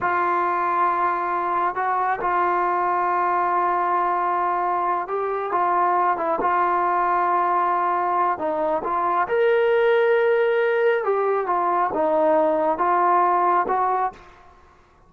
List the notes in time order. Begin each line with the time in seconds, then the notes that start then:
0.00 F4
1.75 F#4
2.21 F4
5.07 G4
5.51 F4
6.17 E4
6.40 F4
8.38 D#4
8.83 F4
9.28 A#4
11.04 G4
11.46 F4
11.93 D#4
12.78 F4
13.68 F#4